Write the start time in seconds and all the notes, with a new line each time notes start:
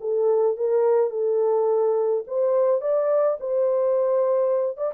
0.00 A4
0.57 A#4
1.10 A4
2.27 C5
2.81 D5
3.40 C5
4.77 D5